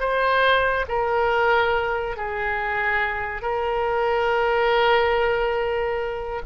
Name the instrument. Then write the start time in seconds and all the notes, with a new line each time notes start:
oboe
0.00 C5
0.88 A#4
2.17 G#4
3.42 A#4